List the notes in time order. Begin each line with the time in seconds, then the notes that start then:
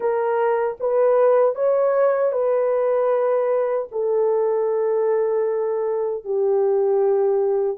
0.00 A#4
0.80 B4
1.55 C#5
2.32 B4
3.91 A4
6.24 G4